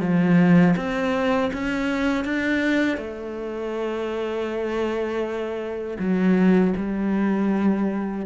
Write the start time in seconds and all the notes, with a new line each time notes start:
0.00 F3
0.76 C4
1.53 C#4
2.25 D4
2.98 A3
5.99 F#3
6.77 G3